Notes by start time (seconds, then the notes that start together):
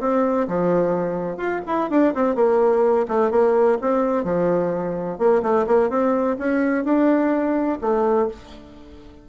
0.00 C4
0.47 F3
1.37 F4
1.66 E4
1.90 D4
2.14 C4
2.35 A#3
3.08 A3
3.31 A#3
3.81 C4
4.24 F3
5.18 A#3
5.42 A3
5.66 A#3
5.89 C4
6.38 C#4
6.84 D4
7.81 A3